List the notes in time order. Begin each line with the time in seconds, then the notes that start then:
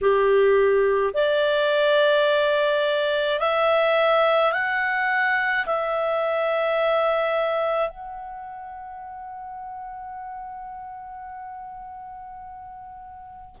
0.01 G4
1.14 D5
3.40 E5
4.52 F#5
5.66 E5
7.89 F#5